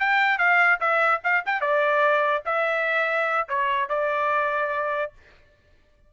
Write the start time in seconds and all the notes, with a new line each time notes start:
0.00 G5
0.38 F5
0.80 E5
1.24 F5
1.46 G5
1.61 D5
2.45 E5
3.49 C#5
3.89 D5